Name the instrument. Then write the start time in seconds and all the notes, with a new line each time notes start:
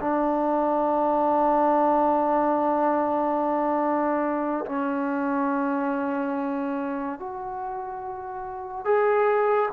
trombone
0.00 D4
4.65 C#4
7.19 F#4
8.85 G#4